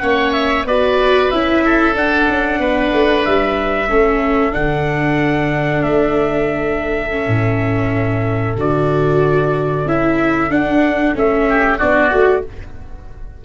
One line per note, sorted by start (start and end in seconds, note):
0.00 0.65 A#3
0.00 0.65 C#4
0.00 0.67 C#5
0.00 0.32 F#5
0.33 0.65 E5
0.65 1.30 B3
0.65 1.34 F#4
0.65 1.64 B4
0.65 1.31 D5
1.31 1.95 C#4
1.31 1.94 E4
1.31 1.95 E5
1.65 2.60 A4
1.94 3.88 D4
1.94 2.27 D4
1.94 3.25 F#5
2.29 2.59 C#4
2.59 2.92 B3
2.59 3.89 B4
2.93 3.26 A3
3.25 3.90 G3
3.25 4.54 E5
3.89 4.54 A3
3.89 4.52 C#4
3.89 11.47 A4
4.52 5.83 D3
4.52 7.10 D4
4.52 5.83 F#5
5.83 7.27 A3
5.83 8.57 E5
7.10 8.56 C#4
7.27 8.56 A2
8.56 9.85 D3
8.56 9.87 F#4
8.56 9.88 D5
9.85 10.49 C#4
9.85 10.50 E4
9.85 10.52 E5
10.49 11.14 D4
10.49 11.15 D4
10.49 11.16 F#5
11.15 11.80 A3
11.15 11.79 C#4
11.15 11.79 E5
11.49 11.78 G4
11.78 12.12 B3
11.78 12.11 D4
11.78 12.42 F#4
11.78 12.44 D5
12.11 12.45 A3
12.11 12.43 F#4